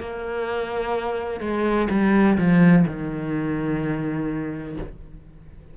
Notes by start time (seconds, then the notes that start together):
0.00 A#3
1.40 G#3
1.90 G3
2.38 F3
2.87 D#3